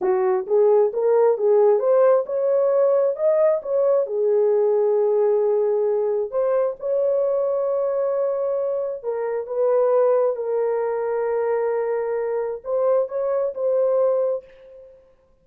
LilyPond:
\new Staff \with { instrumentName = "horn" } { \time 4/4 \tempo 4 = 133 fis'4 gis'4 ais'4 gis'4 | c''4 cis''2 dis''4 | cis''4 gis'2.~ | gis'2 c''4 cis''4~ |
cis''1 | ais'4 b'2 ais'4~ | ais'1 | c''4 cis''4 c''2 | }